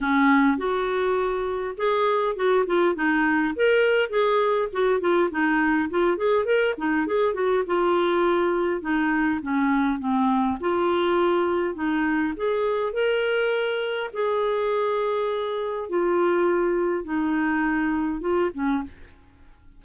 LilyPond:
\new Staff \with { instrumentName = "clarinet" } { \time 4/4 \tempo 4 = 102 cis'4 fis'2 gis'4 | fis'8 f'8 dis'4 ais'4 gis'4 | fis'8 f'8 dis'4 f'8 gis'8 ais'8 dis'8 | gis'8 fis'8 f'2 dis'4 |
cis'4 c'4 f'2 | dis'4 gis'4 ais'2 | gis'2. f'4~ | f'4 dis'2 f'8 cis'8 | }